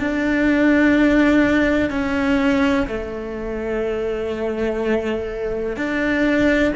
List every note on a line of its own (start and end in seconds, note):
0.00 1.90 D4
1.90 2.87 C#4
2.88 5.77 A3
5.77 6.73 D4